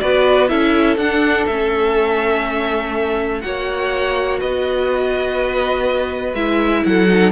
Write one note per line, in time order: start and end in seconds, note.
0.00 0.51 B3
0.00 0.49 F#4
0.00 0.49 B4
0.00 0.48 D5
0.48 0.97 C#4
0.48 0.98 E4
0.48 3.42 A4
0.48 0.97 E5
0.97 1.46 D4
0.97 1.50 D4
0.97 1.46 F#5
1.46 3.43 A3
1.46 3.42 C#4
1.46 3.41 E5
3.41 4.42 A#3
3.41 6.34 F#4
3.41 4.40 C#5
3.41 4.39 F#5
4.40 6.34 B3
4.40 6.84 B4
4.40 6.35 D#5
6.34 6.83 G#3
6.34 7.08 E4
6.34 6.83 E5
6.86 7.32 F#3
6.86 7.32 A4
6.86 7.32 F#5
7.08 7.32 D#4